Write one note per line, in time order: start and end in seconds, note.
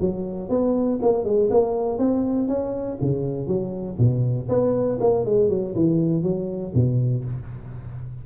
0.00 0.49 F#3
0.49 0.99 B3
1.02 1.24 A#3
1.24 1.49 G#3
1.50 1.98 A#3
1.98 2.48 C4
2.48 2.98 C#4
3.01 3.47 C#3
3.47 3.97 F#3
3.98 4.48 B2
4.49 4.99 B3
5.00 5.25 A#3
5.25 5.49 G#3
5.49 5.74 F#3
5.75 6.23 E3
6.23 6.73 F#3
6.74 7.24 B2